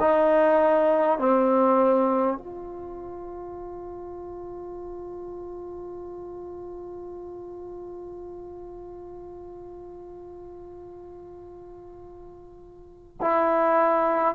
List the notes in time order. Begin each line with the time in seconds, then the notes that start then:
0.00 D#4
1.18 C4
2.38 F4
13.20 E4